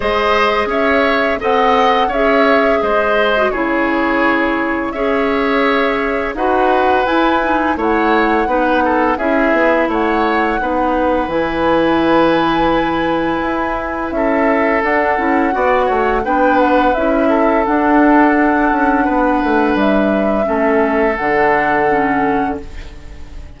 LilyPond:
<<
  \new Staff \with { instrumentName = "flute" } { \time 4/4 \tempo 4 = 85 dis''4 e''4 fis''4 e''4 | dis''4 cis''2 e''4~ | e''4 fis''4 gis''4 fis''4~ | fis''4 e''4 fis''2 |
gis''1 | e''4 fis''2 g''8 fis''8 | e''4 fis''2. | e''2 fis''2 | }
  \new Staff \with { instrumentName = "oboe" } { \time 4/4 c''4 cis''4 dis''4 cis''4 | c''4 gis'2 cis''4~ | cis''4 b'2 cis''4 | b'8 a'8 gis'4 cis''4 b'4~ |
b'1 | a'2 d''8 cis''8 b'4~ | b'8 a'2~ a'8 b'4~ | b'4 a'2. | }
  \new Staff \with { instrumentName = "clarinet" } { \time 4/4 gis'2 a'4 gis'4~ | gis'8. fis'16 e'2 gis'4~ | gis'4 fis'4 e'8 dis'8 e'4 | dis'4 e'2 dis'4 |
e'1~ | e'4 d'8 e'8 fis'4 d'4 | e'4 d'2.~ | d'4 cis'4 d'4 cis'4 | }
  \new Staff \with { instrumentName = "bassoon" } { \time 4/4 gis4 cis'4 c'4 cis'4 | gis4 cis2 cis'4~ | cis'4 dis'4 e'4 a4 | b4 cis'8 b8 a4 b4 |
e2. e'4 | cis'4 d'8 cis'8 b8 a8 b4 | cis'4 d'4. cis'8 b8 a8 | g4 a4 d2 | }
>>